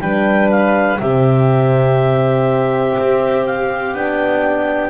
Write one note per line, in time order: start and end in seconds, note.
0.00 1.00 G3
0.00 1.00 D4
0.00 1.01 B4
0.00 0.49 G5
0.50 1.00 F5
1.00 2.98 C3
1.00 3.94 C4
1.00 4.90 G4
1.00 3.46 E5
2.99 3.94 C4
3.46 3.95 F5
3.94 4.90 B3
3.94 4.90 D4
3.94 4.90 G5